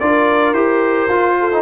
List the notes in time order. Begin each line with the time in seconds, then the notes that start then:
0.00 D4 F4 A#4 D5
0.53 E4 G4 C5
1.09 F4
1.40 A4
1.53 D#4